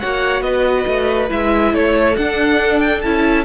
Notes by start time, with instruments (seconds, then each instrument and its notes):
0.00 cello A#3, viola F#4, violin C#5 F#5
0.42 cello B3, violin B4 D#5
0.88 cello A3
1.29 cello G#3, viola E4, violin E5
1.74 cello A3, violin A4 C#5
2.17 cello D4, viola D4, violin F#5
2.80 violin G5
3.02 cello C#4, viola E4, violin A5